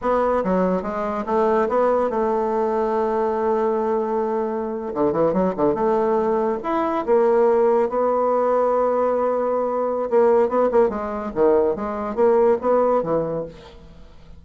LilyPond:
\new Staff \with { instrumentName = "bassoon" } { \time 4/4 \tempo 4 = 143 b4 fis4 gis4 a4 | b4 a2.~ | a2.~ a8. d16~ | d16 e8 fis8 d8 a2 e'16~ |
e'8. ais2 b4~ b16~ | b1 | ais4 b8 ais8 gis4 dis4 | gis4 ais4 b4 e4 | }